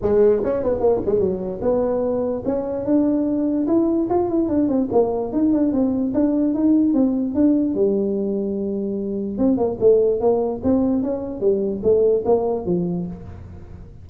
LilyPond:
\new Staff \with { instrumentName = "tuba" } { \time 4/4 \tempo 4 = 147 gis4 cis'8 b8 ais8 gis8 fis4 | b2 cis'4 d'4~ | d'4 e'4 f'8 e'8 d'8 c'8 | ais4 dis'8 d'8 c'4 d'4 |
dis'4 c'4 d'4 g4~ | g2. c'8 ais8 | a4 ais4 c'4 cis'4 | g4 a4 ais4 f4 | }